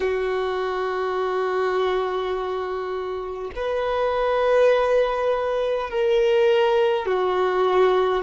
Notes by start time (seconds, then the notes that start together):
0.00 F#4
3.55 B4
5.89 A#4
7.06 F#4